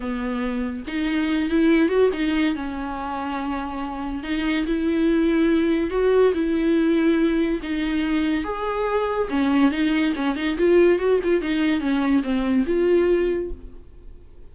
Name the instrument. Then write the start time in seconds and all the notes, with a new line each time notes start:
viola
0.00 B3
0.87 D#4
1.49 E4
1.88 F#4
2.12 D#4
2.55 C#4
4.23 D#4
4.66 E4
5.90 F#4
6.34 E4
7.62 D#4
8.44 G#4
9.29 C#4
9.71 D#4
10.15 C#4
10.36 D#4
10.57 F4
10.98 F#4
11.23 F4
11.41 D#4
11.80 C#4
12.23 C4
12.66 F4